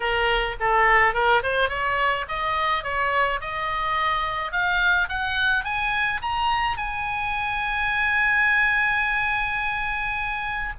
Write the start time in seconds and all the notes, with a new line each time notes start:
0.00 A#4
0.59 A4
1.13 A#4
1.43 C5
1.69 C#5
2.28 D#5
2.83 C#5
3.40 D#5
4.51 F5
5.08 F#5
5.64 G#5
6.22 A#5
6.77 G#5